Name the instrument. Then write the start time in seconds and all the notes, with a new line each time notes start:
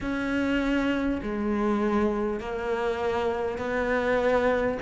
cello
0.01 C#4
1.22 G#3
2.40 A#3
3.57 B3